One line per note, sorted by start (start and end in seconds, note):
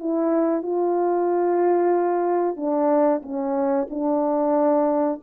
0.00 0.63 E4
0.63 2.57 F4
2.57 3.22 D4
3.23 3.88 C#4
3.90 5.21 D4